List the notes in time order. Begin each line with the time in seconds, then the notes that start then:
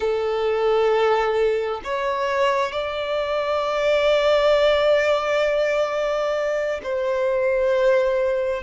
0.00 A4
1.84 C#5
2.71 D5
6.83 C5